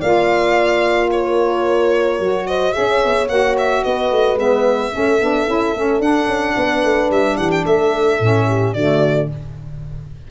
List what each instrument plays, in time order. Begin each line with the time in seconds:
0.00 tuba A#3, saxophone F4, horn D5, violin F5
1.12 horn A#4, violin C#5
2.19 tuba F#3, saxophone F#4
2.47 horn C5, violin D#5
2.73 tuba C#4, saxophone G#4, horn C#5, violin E5
3.05 tuba B3
3.29 tuba A#3, saxophone F#4, violin F#5
3.58 violin E5
3.84 tuba B3, horn B4, violin D#5
4.12 tuba A3
4.36 tuba G#3, saxophone B3, violin E5
4.93 tuba A3, saxophone C#4, horn A4
5.21 tuba B3, saxophone D4
5.48 tuba C#4, saxophone E4
5.75 tuba A3, saxophone C#4
6.00 tuba D4, saxophone D4, violin F#5
6.27 tuba C#4
6.57 tuba B3, horn B4
6.84 tuba A3
7.11 tuba G3, violin E5
7.37 tuba E3, horn G4, violin F#5
7.52 violin G5
7.66 tuba A3, horn A4, violin E5
8.20 tuba A2, saxophone C#4
8.48 horn G4
8.74 tuba D3, saxophone A3, horn F#4, violin D5